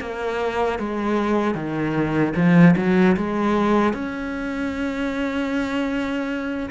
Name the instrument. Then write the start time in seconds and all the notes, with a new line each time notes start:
cello
0.00 A#3
0.79 G#3
1.54 D#3
2.35 F3
2.76 F#3
3.16 G#3
3.93 C#4